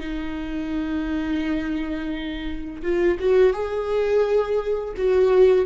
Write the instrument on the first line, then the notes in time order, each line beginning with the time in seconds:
viola
0.00 D#4
2.83 F4
3.20 F#4
3.54 G#4
4.97 F#4